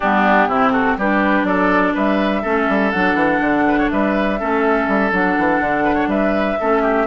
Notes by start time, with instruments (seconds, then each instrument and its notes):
0.00 bassoon G3, clarinet B3, oboe D4, flute G4
0.47 bassoon C3, clarinet C4, oboe E4
0.71 oboe F#4, flute A4
0.97 bassoon G3, clarinet D4, oboe G4, flute B4
1.43 bassoon F#3, oboe A4, flute D5
1.93 bassoon G3, oboe B4, flute E5
2.42 bassoon A3, clarinet C#4, oboe A4
2.68 bassoon G3
2.91 bassoon F#3, clarinet D4, flute F#5
3.14 bassoon E3
3.40 bassoon D3
3.67 oboe B4
3.78 oboe C#5
3.90 bassoon G3, oboe B4, flute E5
4.39 bassoon A3, clarinet C#4, oboe A4
4.87 bassoon G3
5.11 bassoon F#3, clarinet D4, flute F#5
5.38 bassoon E3
5.59 bassoon D3
5.84 oboe B4
5.95 oboe C#5
6.07 bassoon G3, oboe B4, flute E5
6.60 bassoon A3, clarinet C#4, oboe A4
6.82 oboe G4